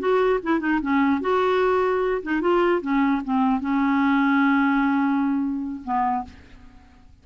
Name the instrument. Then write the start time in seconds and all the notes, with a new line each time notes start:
clarinet
0.00 F#4
0.44 E4
0.60 D#4
0.82 C#4
1.21 F#4
2.23 D#4
2.41 F4
2.82 C#4
3.25 C4
3.61 C#4
5.85 B3